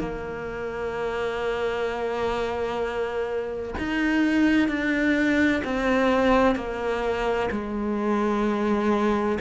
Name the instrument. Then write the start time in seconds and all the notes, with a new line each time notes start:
cello
0.00 A#3
3.79 D#4
4.69 D4
5.65 C4
6.56 A#3
7.52 G#3